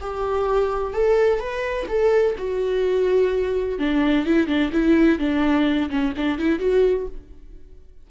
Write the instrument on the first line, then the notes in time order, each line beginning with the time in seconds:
viola
0.00 G4
0.93 A4
1.39 B4
1.88 A4
2.38 F#4
3.78 D4
4.26 E4
4.47 D4
4.72 E4
5.18 D4
5.90 C#4
6.17 D4
6.38 E4
6.59 F#4